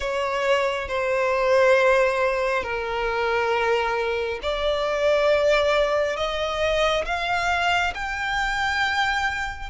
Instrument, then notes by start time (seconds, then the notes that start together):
violin
0.00 C#5
0.88 C5
2.63 A#4
4.42 D5
6.16 D#5
7.05 F5
7.94 G5